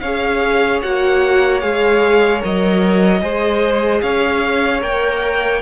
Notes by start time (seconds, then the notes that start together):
0.00 C#4 G#4 C#5 F5
0.82 A#3 F#4 F#5
1.60 G#3 G#4 F5
2.40 F#3 A#4 D#5
3.21 G#3 G#4 C5
4.01 C#4 C#5 F5
4.80 A#3 A#4 G5